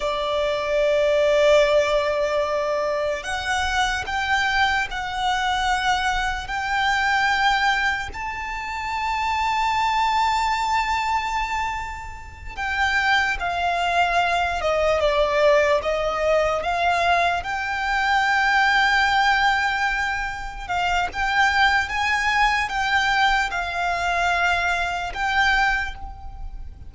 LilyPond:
\new Staff \with { instrumentName = "violin" } { \time 4/4 \tempo 4 = 74 d''1 | fis''4 g''4 fis''2 | g''2 a''2~ | a''2.~ a''8 g''8~ |
g''8 f''4. dis''8 d''4 dis''8~ | dis''8 f''4 g''2~ g''8~ | g''4. f''8 g''4 gis''4 | g''4 f''2 g''4 | }